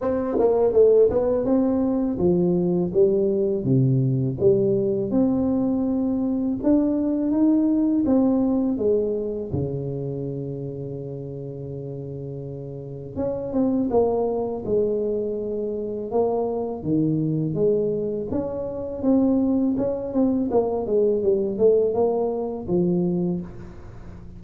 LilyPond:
\new Staff \with { instrumentName = "tuba" } { \time 4/4 \tempo 4 = 82 c'8 ais8 a8 b8 c'4 f4 | g4 c4 g4 c'4~ | c'4 d'4 dis'4 c'4 | gis4 cis2.~ |
cis2 cis'8 c'8 ais4 | gis2 ais4 dis4 | gis4 cis'4 c'4 cis'8 c'8 | ais8 gis8 g8 a8 ais4 f4 | }